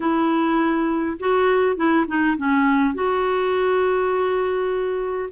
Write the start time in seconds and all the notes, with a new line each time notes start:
0.00 E4
1.19 F#4
1.76 E4
2.07 D#4
2.37 C#4
2.94 F#4